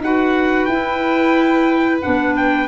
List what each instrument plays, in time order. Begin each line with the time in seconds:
0.00 tuba D#4, clarinet F#4, violin B4, trumpet F#5
0.65 tuba E4, clarinet E4, trumpet G5
2.02 tuba B3, clarinet D4, trumpet F#5
2.37 trumpet G5